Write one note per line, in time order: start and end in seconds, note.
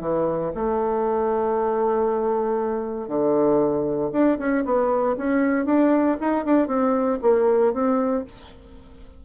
0.00 0.51 E3
0.54 3.07 A3
3.07 4.10 D3
4.12 4.37 D4
4.38 4.64 C#4
4.65 5.16 B3
5.17 5.65 C#4
5.65 6.16 D4
6.20 6.45 D#4
6.45 6.67 D4
6.67 7.18 C4
7.21 7.73 A#3
7.73 8.24 C4